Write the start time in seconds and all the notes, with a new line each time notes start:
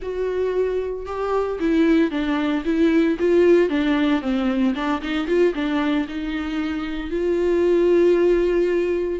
0.02 F#4
1.06 G4
1.59 E4
2.11 D4
2.65 E4
3.19 F4
3.69 D4
4.21 C4
4.74 D4
5.01 D#4
5.27 F4
5.54 D4
6.08 D#4
7.10 F4